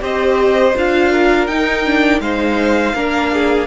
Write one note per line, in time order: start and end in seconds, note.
0.00 0.74 C4
0.00 0.73 G4
0.00 1.12 C5
0.00 0.77 D#5
0.76 1.48 D4
0.76 1.49 F4
0.76 1.47 F5
1.12 2.22 A#4
1.47 2.21 D#4
1.47 1.85 D#4
1.47 2.20 G5
1.85 2.22 D4
2.21 2.94 G#3
2.21 2.95 D#4
2.21 2.95 C5
2.21 3.67 F5
2.94 3.67 A#3
2.94 3.67 D4
2.94 3.32 A#4
3.33 3.67 G#4